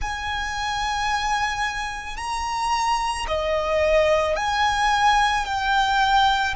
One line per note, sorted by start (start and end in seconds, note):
0.01 2.16 G#5
2.16 3.25 A#5
3.27 4.36 D#5
4.36 5.45 G#5
5.45 6.54 G5